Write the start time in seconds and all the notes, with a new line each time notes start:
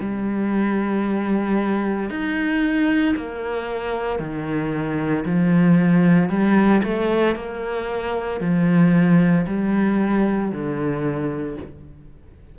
0.00 G3
2.10 D#4
3.16 A#3
4.20 D#3
5.25 F3
6.29 G3
6.84 A3
7.36 A#3
8.41 F3
9.47 G3
10.52 D3